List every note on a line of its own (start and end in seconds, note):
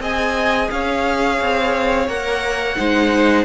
0.00 0.69 C4
0.00 2.08 G#4
0.00 0.70 D#5
0.00 0.71 G#5
0.71 1.41 C#4
0.71 2.78 C#5
0.71 2.09 F5
1.42 2.08 C4
2.08 2.77 A#3
2.08 2.77 A#4
2.08 3.45 F#5
2.77 3.45 G#3
2.77 3.45 D#4
2.77 3.45 C5